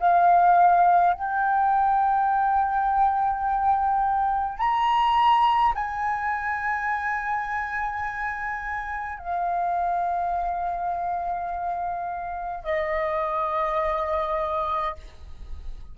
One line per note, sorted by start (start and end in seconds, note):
0.00 1.14 F5
1.14 4.58 G5
4.58 5.74 A#5
5.75 9.19 G#5
9.19 12.65 F5
12.65 14.95 D#5